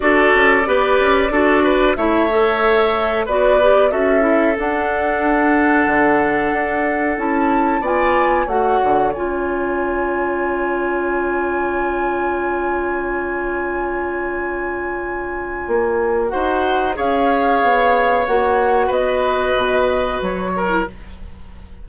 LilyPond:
<<
  \new Staff \with { instrumentName = "flute" } { \time 4/4 \tempo 4 = 92 d''2. e''4~ | e''4 d''4 e''4 fis''4~ | fis''2. a''4 | gis''4 fis''4 gis''2~ |
gis''1~ | gis''1~ | gis''4 fis''4 f''2 | fis''4 dis''2 cis''4 | }
  \new Staff \with { instrumentName = "oboe" } { \time 4/4 a'4 b'4 a'8 b'8 cis''4~ | cis''4 b'4 a'2~ | a'1 | d''4 cis''2.~ |
cis''1~ | cis''1~ | cis''4 c''4 cis''2~ | cis''4 b'2~ b'8 ais'8 | }
  \new Staff \with { instrumentName = "clarinet" } { \time 4/4 fis'4 g'4 fis'4 e'8 a'8~ | a'4 fis'8 g'8 fis'8 e'8 d'4~ | d'2. e'4 | f'4 fis'4 f'2~ |
f'1~ | f'1~ | f'4 fis'4 gis'2 | fis'2.~ fis'8. e'16 | }
  \new Staff \with { instrumentName = "bassoon" } { \time 4/4 d'8 cis'8 b8 cis'8 d'4 a4~ | a4 b4 cis'4 d'4~ | d'4 d4 d'4 cis'4 | b4 a8 d8 cis'2~ |
cis'1~ | cis'1 | ais4 dis'4 cis'4 b4 | ais4 b4 b,4 fis4 | }
>>